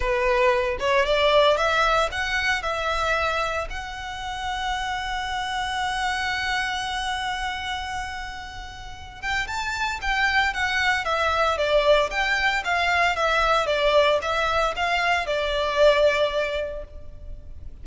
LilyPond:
\new Staff \with { instrumentName = "violin" } { \time 4/4 \tempo 4 = 114 b'4. cis''8 d''4 e''4 | fis''4 e''2 fis''4~ | fis''1~ | fis''1~ |
fis''4. g''8 a''4 g''4 | fis''4 e''4 d''4 g''4 | f''4 e''4 d''4 e''4 | f''4 d''2. | }